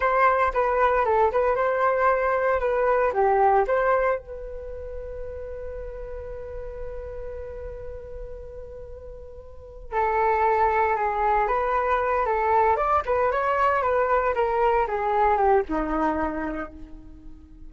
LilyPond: \new Staff \with { instrumentName = "flute" } { \time 4/4 \tempo 4 = 115 c''4 b'4 a'8 b'8 c''4~ | c''4 b'4 g'4 c''4 | b'1~ | b'1~ |
b'2. a'4~ | a'4 gis'4 b'4. a'8~ | a'8 d''8 b'8 cis''4 b'4 ais'8~ | ais'8 gis'4 g'8 dis'2 | }